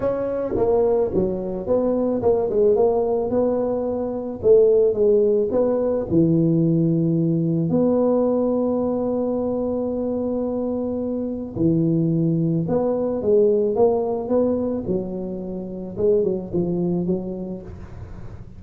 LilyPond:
\new Staff \with { instrumentName = "tuba" } { \time 4/4 \tempo 4 = 109 cis'4 ais4 fis4 b4 | ais8 gis8 ais4 b2 | a4 gis4 b4 e4~ | e2 b2~ |
b1~ | b4 e2 b4 | gis4 ais4 b4 fis4~ | fis4 gis8 fis8 f4 fis4 | }